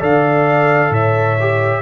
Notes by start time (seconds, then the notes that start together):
0.00 D3 A4 D5 F5
0.90 A2 C#5 E5
1.40 G4